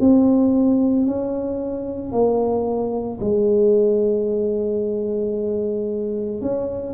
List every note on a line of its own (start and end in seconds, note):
0.00 1.06 C4
1.06 2.12 C#4
2.12 3.19 A#3
3.20 6.41 G#3
6.41 6.94 C#4